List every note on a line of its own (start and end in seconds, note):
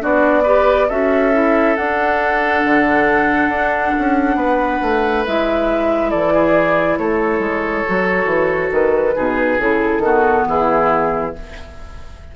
0.00 0.90 B3
0.00 0.43 D4
0.00 0.44 F#4
0.00 0.90 D5
0.44 0.89 G4
0.44 0.87 B4
0.89 1.77 C#4
0.89 1.33 F#4
0.89 4.37 A4
0.89 1.77 E5
1.33 1.77 E4
1.77 2.64 D4
1.77 5.26 D4
1.77 5.24 F#5
2.65 3.49 D3
3.49 3.92 D4
3.99 4.36 C#4
4.36 4.79 B3
4.36 6.11 B4
4.83 5.26 A3
5.25 6.14 G#3
5.25 7.86 E4
5.25 6.11 E5
6.11 6.99 E3
6.11 6.33 A4
6.11 6.98 D5
6.34 6.99 G#4
6.98 7.40 A3
6.98 9.16 A4
6.98 8.72 C#5
7.40 7.83 G#3
7.86 8.26 F#3
7.86 9.14 F#4
8.26 8.69 E3
8.72 9.15 D#3
8.72 9.61 B4
9.14 9.59 B2
9.14 9.57 D#4
9.14 10.03 G#4
9.59 9.99 C#3
9.59 10.03 E4
9.59 10.47 A4
9.99 10.43 D#3
9.99 11.34 B3
9.99 10.48 F#4
10.47 11.34 E3
10.47 11.36 E4
10.47 11.36 G#4